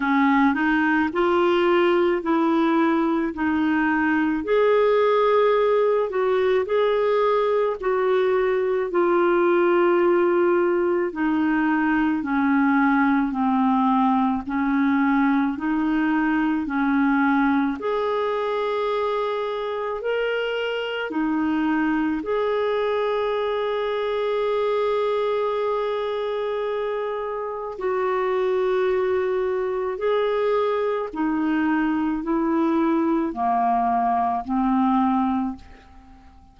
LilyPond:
\new Staff \with { instrumentName = "clarinet" } { \time 4/4 \tempo 4 = 54 cis'8 dis'8 f'4 e'4 dis'4 | gis'4. fis'8 gis'4 fis'4 | f'2 dis'4 cis'4 | c'4 cis'4 dis'4 cis'4 |
gis'2 ais'4 dis'4 | gis'1~ | gis'4 fis'2 gis'4 | dis'4 e'4 ais4 c'4 | }